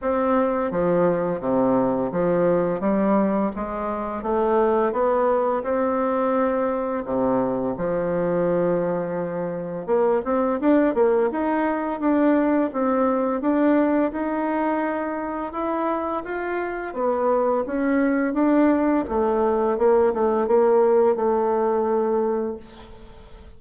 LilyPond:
\new Staff \with { instrumentName = "bassoon" } { \time 4/4 \tempo 4 = 85 c'4 f4 c4 f4 | g4 gis4 a4 b4 | c'2 c4 f4~ | f2 ais8 c'8 d'8 ais8 |
dis'4 d'4 c'4 d'4 | dis'2 e'4 f'4 | b4 cis'4 d'4 a4 | ais8 a8 ais4 a2 | }